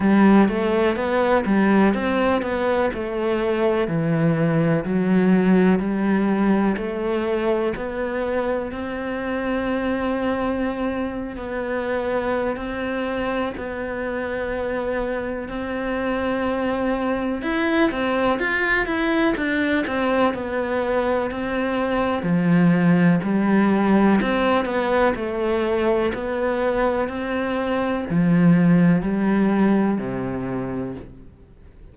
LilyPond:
\new Staff \with { instrumentName = "cello" } { \time 4/4 \tempo 4 = 62 g8 a8 b8 g8 c'8 b8 a4 | e4 fis4 g4 a4 | b4 c'2~ c'8. b16~ | b4 c'4 b2 |
c'2 e'8 c'8 f'8 e'8 | d'8 c'8 b4 c'4 f4 | g4 c'8 b8 a4 b4 | c'4 f4 g4 c4 | }